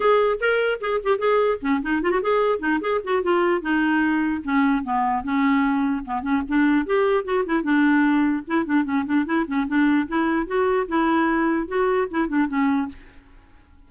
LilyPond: \new Staff \with { instrumentName = "clarinet" } { \time 4/4 \tempo 4 = 149 gis'4 ais'4 gis'8 g'8 gis'4 | cis'8 dis'8 f'16 fis'16 gis'4 dis'8 gis'8 fis'8 | f'4 dis'2 cis'4 | b4 cis'2 b8 cis'8 |
d'4 g'4 fis'8 e'8 d'4~ | d'4 e'8 d'8 cis'8 d'8 e'8 cis'8 | d'4 e'4 fis'4 e'4~ | e'4 fis'4 e'8 d'8 cis'4 | }